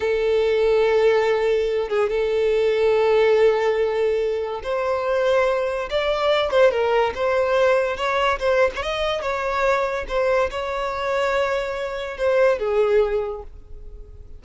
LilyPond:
\new Staff \with { instrumentName = "violin" } { \time 4/4 \tempo 4 = 143 a'1~ | a'8 gis'8 a'2.~ | a'2. c''4~ | c''2 d''4. c''8 |
ais'4 c''2 cis''4 | c''8. cis''16 dis''4 cis''2 | c''4 cis''2.~ | cis''4 c''4 gis'2 | }